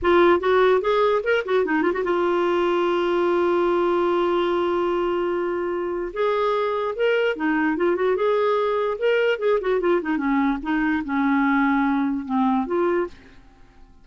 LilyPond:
\new Staff \with { instrumentName = "clarinet" } { \time 4/4 \tempo 4 = 147 f'4 fis'4 gis'4 ais'8 fis'8 | dis'8 f'16 fis'16 f'2.~ | f'1~ | f'2. gis'4~ |
gis'4 ais'4 dis'4 f'8 fis'8 | gis'2 ais'4 gis'8 fis'8 | f'8 dis'8 cis'4 dis'4 cis'4~ | cis'2 c'4 f'4 | }